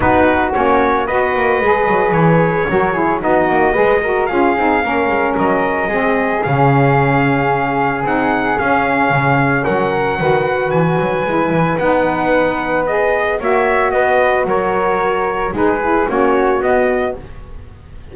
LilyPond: <<
  \new Staff \with { instrumentName = "trumpet" } { \time 4/4 \tempo 4 = 112 b'4 cis''4 dis''2 | cis''2 dis''2 | f''2 dis''2 | f''2. fis''4 |
f''2 fis''2 | gis''2 fis''2 | dis''4 e''4 dis''4 cis''4~ | cis''4 b'4 cis''4 dis''4 | }
  \new Staff \with { instrumentName = "flute" } { \time 4/4 fis'2 b'2~ | b'4 ais'8 gis'8 fis'4 b'8 ais'8 | gis'4 ais'2 gis'4~ | gis'1~ |
gis'2 ais'4 b'4~ | b'1~ | b'4 cis''4 b'4 ais'4~ | ais'4 gis'4 fis'2 | }
  \new Staff \with { instrumentName = "saxophone" } { \time 4/4 dis'4 cis'4 fis'4 gis'4~ | gis'4 fis'8 e'8 dis'4 gis'8 fis'8 | f'8 dis'8 cis'2 c'4 | cis'2. dis'4 |
cis'2. fis'4~ | fis'4 e'4 dis'2 | gis'4 fis'2.~ | fis'4 dis'8 e'8 cis'4 b4 | }
  \new Staff \with { instrumentName = "double bass" } { \time 4/4 b4 ais4 b8 ais8 gis8 fis8 | e4 fis4 b8 ais8 gis4 | cis'8 c'8 ais8 gis8 fis4 gis4 | cis2. c'4 |
cis'4 cis4 fis4 dis4 | e8 fis8 gis8 e8 b2~ | b4 ais4 b4 fis4~ | fis4 gis4 ais4 b4 | }
>>